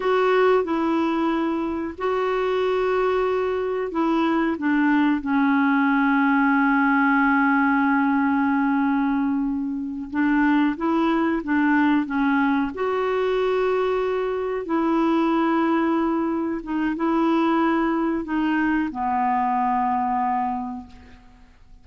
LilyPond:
\new Staff \with { instrumentName = "clarinet" } { \time 4/4 \tempo 4 = 92 fis'4 e'2 fis'4~ | fis'2 e'4 d'4 | cis'1~ | cis'2.~ cis'8 d'8~ |
d'8 e'4 d'4 cis'4 fis'8~ | fis'2~ fis'8 e'4.~ | e'4. dis'8 e'2 | dis'4 b2. | }